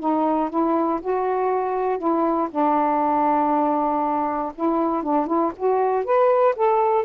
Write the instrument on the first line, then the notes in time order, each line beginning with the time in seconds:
saxophone
0.00 D#4
0.50 E4
1.02 F#4
1.98 E4
2.51 D4
4.55 E4
5.03 D4
5.27 E4
5.57 F#4
6.05 B4
6.56 A4